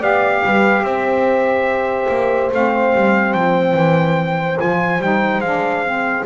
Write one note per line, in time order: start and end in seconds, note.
0.00 0.43 B3
0.00 2.51 G4
0.00 0.42 D5
0.00 0.85 F5
0.45 0.82 G3
0.45 0.84 B4
0.82 2.07 C4
0.82 6.26 C5
0.82 2.51 E5
2.09 2.51 A#3
2.52 2.94 A3
2.52 4.57 C4
2.52 3.33 F5
2.95 3.34 G3
3.33 3.74 F3
3.33 4.58 G5
3.74 4.57 E3
4.57 4.99 F3
4.57 4.99 F4
4.57 5.02 G#5
4.99 5.38 G3
4.99 5.43 D#4
4.99 5.41 G5
5.38 6.22 G#3
5.38 5.85 D4
5.38 6.24 F5
5.85 6.26 C4